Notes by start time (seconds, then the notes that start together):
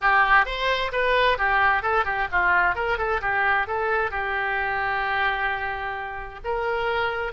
0.01 G4
0.45 C5
0.92 B4
1.37 G4
1.82 A4
2.04 G4
2.31 F4
2.75 A#4
2.98 A4
3.21 G4
3.67 A4
4.10 G4
6.44 A#4